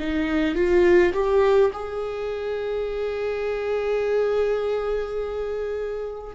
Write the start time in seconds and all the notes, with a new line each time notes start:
0.00 D#4
0.56 F4
1.14 G4
1.74 G#4